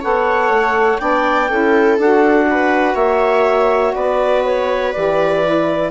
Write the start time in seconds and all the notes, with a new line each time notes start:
0.00 B3 A4 C#5 F#5
0.50 A3
0.98 B3 D4 D5 G5
1.49 C#4 E4 A4
1.98 D4 F#4 F#5
2.50 B4
2.95 A#3 C#5 E5
3.94 B3 B4 D5
4.44 C#5
4.93 E3 G4 D5
5.43 E4